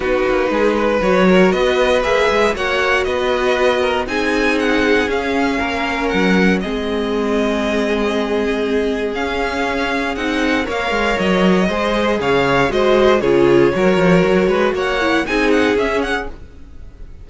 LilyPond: <<
  \new Staff \with { instrumentName = "violin" } { \time 4/4 \tempo 4 = 118 b'2 cis''4 dis''4 | e''4 fis''4 dis''2 | gis''4 fis''4 f''2 | fis''4 dis''2.~ |
dis''2 f''2 | fis''4 f''4 dis''2 | f''4 dis''4 cis''2~ | cis''4 fis''4 gis''8 fis''8 e''8 fis''8 | }
  \new Staff \with { instrumentName = "violin" } { \time 4/4 fis'4 gis'8 b'4 ais'8 b'4~ | b'4 cis''4 b'4. ais'8 | gis'2. ais'4~ | ais'4 gis'2.~ |
gis'1~ | gis'4 cis''2 c''4 | cis''4 c''4 gis'4 ais'4~ | ais'8 b'8 cis''4 gis'2 | }
  \new Staff \with { instrumentName = "viola" } { \time 4/4 dis'2 fis'2 | gis'4 fis'2. | dis'2 cis'2~ | cis'4 c'2.~ |
c'2 cis'2 | dis'4 ais'2 gis'4~ | gis'4 fis'4 f'4 fis'4~ | fis'4. e'8 dis'4 cis'4 | }
  \new Staff \with { instrumentName = "cello" } { \time 4/4 b8 ais8 gis4 fis4 b4 | ais8 gis8 ais4 b2 | c'2 cis'4 ais4 | fis4 gis2.~ |
gis2 cis'2 | c'4 ais8 gis8 fis4 gis4 | cis4 gis4 cis4 fis8 f8 | fis8 gis8 ais4 c'4 cis'4 | }
>>